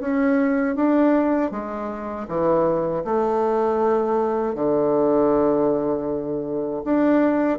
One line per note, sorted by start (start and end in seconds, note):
0.00 0.76 C#4
0.76 1.52 D4
1.52 2.28 G#3
2.28 3.04 E3
3.04 4.55 A3
4.55 6.83 D3
6.85 7.59 D4